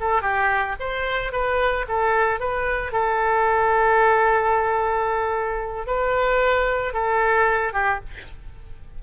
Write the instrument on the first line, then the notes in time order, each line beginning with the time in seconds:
oboe
0.00 A4
0.22 G4
0.80 C5
1.32 B4
1.88 A4
2.40 B4
2.92 A4
5.87 B4
6.93 A4
7.73 G4